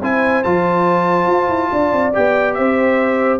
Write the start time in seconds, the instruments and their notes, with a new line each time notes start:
0.00 tuba C4, trombone E4, horn C5, trumpet G#5
0.43 tuba F3, trombone F4, trumpet A5
1.26 tuba F4
1.48 tuba E4
1.72 tuba D4, horn D5
1.92 tuba C4
2.12 tuba B3, trombone G4, trumpet G5
2.53 tuba C4, horn C5, trumpet E5